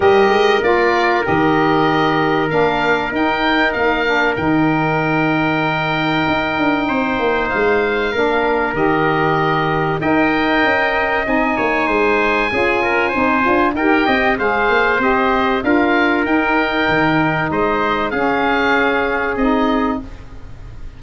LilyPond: <<
  \new Staff \with { instrumentName = "oboe" } { \time 4/4 \tempo 4 = 96 dis''4 d''4 dis''2 | f''4 g''4 f''4 g''4~ | g''1 | f''2 dis''2 |
g''2 gis''2~ | gis''2 g''4 f''4 | dis''4 f''4 g''2 | dis''4 f''2 dis''4 | }
  \new Staff \with { instrumentName = "trumpet" } { \time 4/4 ais'1~ | ais'1~ | ais'2. c''4~ | c''4 ais'2. |
dis''2~ dis''8 cis''8 c''4 | gis'8 ais'8 c''4 ais'8 dis''8 c''4~ | c''4 ais'2. | c''4 gis'2. | }
  \new Staff \with { instrumentName = "saxophone" } { \time 4/4 g'4 f'4 g'2 | d'4 dis'4. d'8 dis'4~ | dis'1~ | dis'4 d'4 g'2 |
ais'2 dis'2 | f'4 dis'8 f'8 g'4 gis'4 | g'4 f'4 dis'2~ | dis'4 cis'2 dis'4 | }
  \new Staff \with { instrumentName = "tuba" } { \time 4/4 g8 gis8 ais4 dis2 | ais4 dis'4 ais4 dis4~ | dis2 dis'8 d'8 c'8 ais8 | gis4 ais4 dis2 |
dis'4 cis'4 c'8 ais8 gis4 | cis'4 c'8 d'8 dis'8 c'8 gis8 ais8 | c'4 d'4 dis'4 dis4 | gis4 cis'2 c'4 | }
>>